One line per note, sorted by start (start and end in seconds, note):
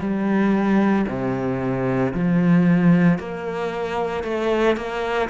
0.00 1.05 G3
1.08 2.13 C3
2.13 3.18 F3
3.18 4.23 A#3
4.23 4.76 A3
4.76 5.29 A#3